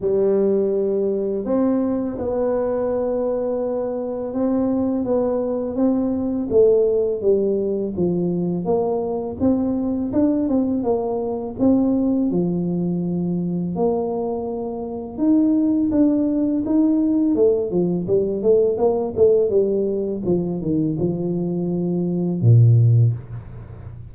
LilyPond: \new Staff \with { instrumentName = "tuba" } { \time 4/4 \tempo 4 = 83 g2 c'4 b4~ | b2 c'4 b4 | c'4 a4 g4 f4 | ais4 c'4 d'8 c'8 ais4 |
c'4 f2 ais4~ | ais4 dis'4 d'4 dis'4 | a8 f8 g8 a8 ais8 a8 g4 | f8 dis8 f2 ais,4 | }